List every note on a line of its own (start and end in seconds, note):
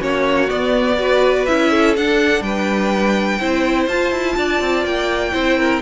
0.00 0.50 A#3
0.00 0.48 C#4
0.00 0.98 F#4
0.00 0.50 C#5
0.49 0.97 B3
0.49 1.48 B3
0.49 1.46 D5
0.98 1.47 F#4
0.98 1.71 B4
1.46 1.97 C#4
1.46 1.96 E4
1.46 1.95 E5
1.71 2.44 A4
1.97 2.41 D4
1.97 3.40 D4
1.97 2.43 F#5
2.41 3.38 G3
2.41 3.39 B4
2.41 3.88 G5
3.39 3.88 C4
3.39 3.89 E4
3.39 4.36 C5
3.88 4.12 F4
3.88 5.33 F4
3.88 4.85 A5
4.12 4.36 E4
4.37 4.61 D4
4.37 5.34 D5
4.61 4.85 C4
4.85 5.33 A#3
4.85 5.82 G5
5.33 5.82 C4
5.33 5.81 E4
5.33 5.58 C5
5.58 5.82 A#4